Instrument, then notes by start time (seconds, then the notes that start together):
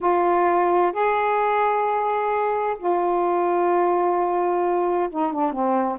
saxophone
0.00 F4
0.92 G#4
2.78 F4
5.09 D#4
5.32 D4
5.52 C4